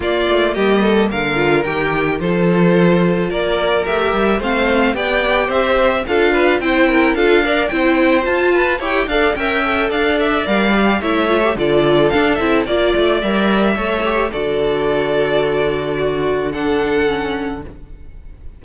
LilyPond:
<<
  \new Staff \with { instrumentName = "violin" } { \time 4/4 \tempo 4 = 109 d''4 dis''4 f''4 g''4 | c''2 d''4 e''4 | f''4 g''4 e''4 f''4 | g''4 f''4 g''4 a''4 |
g''8 f''8 g''4 f''8 e''8 f''4 | e''4 d''4 f''8 e''8 d''4 | e''2 d''2~ | d''2 fis''2 | }
  \new Staff \with { instrumentName = "violin" } { \time 4/4 f'4 g'8 a'8 ais'2 | a'2 ais'2 | c''4 d''4 c''4 a'8 b'8 | c''8 ais'8 a'8 d''8 c''4. b'8 |
cis''8 d''8 e''4 d''2 | cis''4 a'2 d''4~ | d''4 cis''4 a'2~ | a'4 fis'4 a'2 | }
  \new Staff \with { instrumentName = "viola" } { \time 4/4 ais2~ ais8 f'8 g'4 | f'2. g'4 | c'4 g'2 f'4 | e'4 f'8 ais'8 e'4 f'4 |
g'8 a'8 ais'8 a'4. ais'8 g'8 | e'8 f'16 g'16 f'4 d'8 e'8 f'4 | ais'4 a'8 g'8 fis'2~ | fis'2 d'4 cis'4 | }
  \new Staff \with { instrumentName = "cello" } { \time 4/4 ais8 a8 g4 d4 dis4 | f2 ais4 a8 g8 | a4 b4 c'4 d'4 | c'4 d'4 c'4 f'4 |
e'8 d'8 cis'4 d'4 g4 | a4 d4 d'8 c'8 ais8 a8 | g4 a4 d2~ | d1 | }
>>